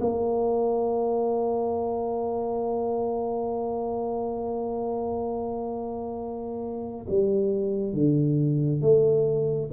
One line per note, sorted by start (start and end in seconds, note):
0.00 7.06 A#3
7.09 7.93 G3
7.93 8.82 D3
8.82 9.70 A3